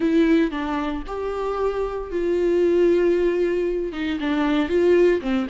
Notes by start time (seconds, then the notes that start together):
0.00 E4
0.50 D4
1.06 G4
2.11 F4
3.92 D#4
4.20 D4
4.68 F4
5.21 C4